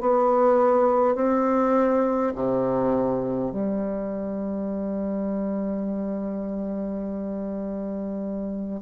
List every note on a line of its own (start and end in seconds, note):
0.00 1.15 B3
1.15 2.33 C4
2.35 3.51 C3
3.51 8.81 G3